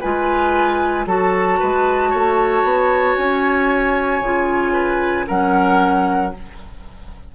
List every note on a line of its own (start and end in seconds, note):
0.00 1.06 G#3
0.00 1.07 F4
0.00 1.05 B4
0.00 1.06 G#5
1.06 1.59 F#3
1.06 4.23 F#4
1.06 1.59 A4
1.06 3.16 A5
1.59 2.13 G#3
1.59 2.09 B4
2.09 2.63 A3
2.09 4.73 C#5
2.63 3.16 B3
3.16 4.21 C#4
3.16 5.27 G#5
4.21 5.26 C#3
4.21 5.27 F4
4.73 5.25 B4
5.27 6.35 F#3
5.27 6.32 C#4
5.27 6.32 A#4
5.27 6.34 F#5